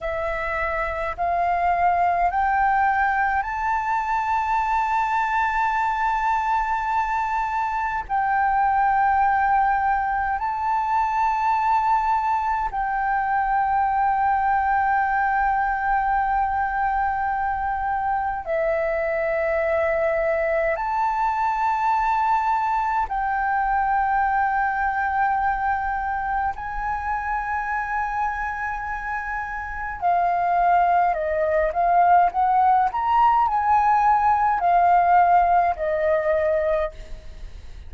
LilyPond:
\new Staff \with { instrumentName = "flute" } { \time 4/4 \tempo 4 = 52 e''4 f''4 g''4 a''4~ | a''2. g''4~ | g''4 a''2 g''4~ | g''1 |
e''2 a''2 | g''2. gis''4~ | gis''2 f''4 dis''8 f''8 | fis''8 ais''8 gis''4 f''4 dis''4 | }